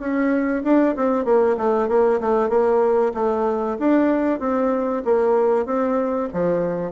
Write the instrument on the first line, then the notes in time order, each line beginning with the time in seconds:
bassoon
0.00 C#4
0.64 D4
0.96 C4
1.25 A#3
1.58 A3
1.89 A#3
2.21 A3
2.50 A#3
3.14 A3
3.80 D4
4.40 C4
5.06 A#3
5.66 C4
6.34 F3